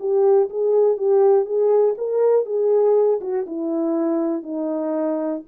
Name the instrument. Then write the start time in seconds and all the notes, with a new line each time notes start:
horn
0.00 G4
0.50 G#4
0.97 G4
1.46 G#4
1.98 A#4
2.46 G#4
3.21 F#4
3.47 E4
4.43 D#4